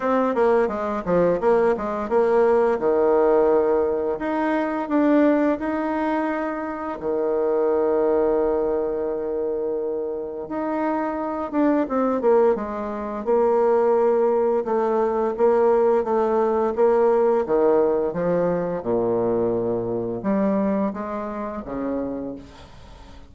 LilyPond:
\new Staff \with { instrumentName = "bassoon" } { \time 4/4 \tempo 4 = 86 c'8 ais8 gis8 f8 ais8 gis8 ais4 | dis2 dis'4 d'4 | dis'2 dis2~ | dis2. dis'4~ |
dis'8 d'8 c'8 ais8 gis4 ais4~ | ais4 a4 ais4 a4 | ais4 dis4 f4 ais,4~ | ais,4 g4 gis4 cis4 | }